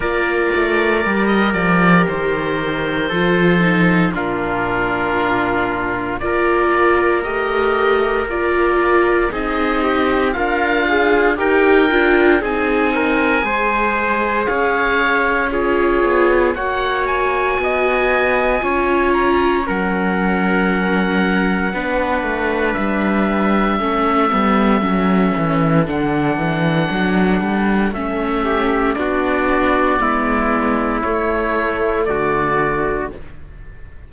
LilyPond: <<
  \new Staff \with { instrumentName = "oboe" } { \time 4/4 \tempo 4 = 58 d''4~ d''16 dis''16 d''8 c''2 | ais'2 d''4 dis''4 | d''4 dis''4 f''4 g''4 | gis''2 f''4 cis''4 |
fis''8 gis''2 ais''8 fis''4~ | fis''2 e''2~ | e''4 fis''2 e''4 | d''2 cis''4 d''4 | }
  \new Staff \with { instrumentName = "trumpet" } { \time 4/4 ais'2. a'4 | f'2 ais'2~ | ais'4 gis'8 g'8 f'4 ais'4 | gis'8 ais'8 c''4 cis''4 gis'4 |
cis''4 dis''4 cis''4 ais'4~ | ais'4 b'2 a'4~ | a'2.~ a'8 g'8 | fis'4 e'2 fis'4 | }
  \new Staff \with { instrumentName = "viola" } { \time 4/4 f'4 g'2 f'8 dis'8 | d'2 f'4 g'4 | f'4 dis'4 ais'8 gis'8 g'8 f'8 | dis'4 gis'2 f'4 |
fis'2 f'4 cis'4~ | cis'4 d'2 cis'8 b8 | cis'4 d'2 cis'4 | d'4 b4 a2 | }
  \new Staff \with { instrumentName = "cello" } { \time 4/4 ais8 a8 g8 f8 dis4 f4 | ais,2 ais4 a4 | ais4 c'4 d'4 dis'8 d'8 | c'4 gis4 cis'4. b8 |
ais4 b4 cis'4 fis4~ | fis4 b8 a8 g4 a8 g8 | fis8 e8 d8 e8 fis8 g8 a4 | b4 gis4 a4 d4 | }
>>